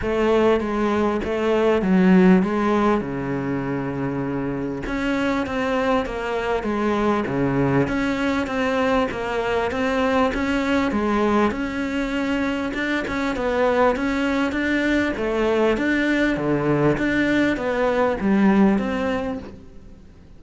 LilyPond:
\new Staff \with { instrumentName = "cello" } { \time 4/4 \tempo 4 = 99 a4 gis4 a4 fis4 | gis4 cis2. | cis'4 c'4 ais4 gis4 | cis4 cis'4 c'4 ais4 |
c'4 cis'4 gis4 cis'4~ | cis'4 d'8 cis'8 b4 cis'4 | d'4 a4 d'4 d4 | d'4 b4 g4 c'4 | }